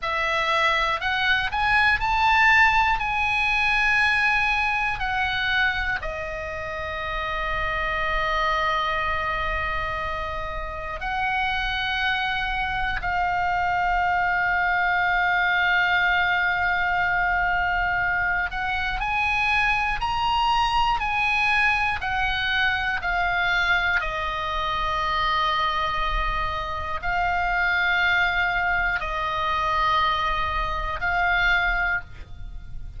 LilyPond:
\new Staff \with { instrumentName = "oboe" } { \time 4/4 \tempo 4 = 60 e''4 fis''8 gis''8 a''4 gis''4~ | gis''4 fis''4 dis''2~ | dis''2. fis''4~ | fis''4 f''2.~ |
f''2~ f''8 fis''8 gis''4 | ais''4 gis''4 fis''4 f''4 | dis''2. f''4~ | f''4 dis''2 f''4 | }